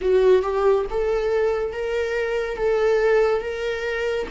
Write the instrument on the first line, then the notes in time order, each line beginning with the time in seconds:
viola
0.01 F#4
0.42 G4
0.90 A4
1.72 A#4
2.56 A4
3.41 A#4